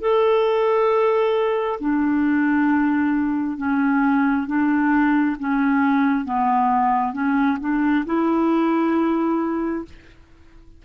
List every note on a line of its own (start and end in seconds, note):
0.00 1.79 A4
1.80 3.57 D4
3.57 4.47 C#4
4.47 5.36 D4
5.39 6.25 C#4
6.25 7.13 B3
7.13 7.58 C#4
7.60 8.05 D4
8.06 9.85 E4